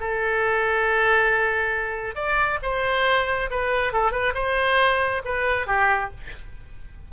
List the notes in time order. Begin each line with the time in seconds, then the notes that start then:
0.00 A4
2.15 D5
2.62 C5
3.50 B4
3.93 A4
4.11 B4
4.34 C5
5.25 B4
5.67 G4